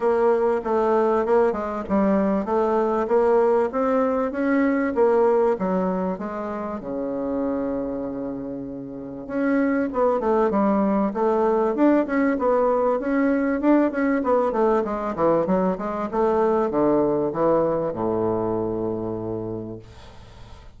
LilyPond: \new Staff \with { instrumentName = "bassoon" } { \time 4/4 \tempo 4 = 97 ais4 a4 ais8 gis8 g4 | a4 ais4 c'4 cis'4 | ais4 fis4 gis4 cis4~ | cis2. cis'4 |
b8 a8 g4 a4 d'8 cis'8 | b4 cis'4 d'8 cis'8 b8 a8 | gis8 e8 fis8 gis8 a4 d4 | e4 a,2. | }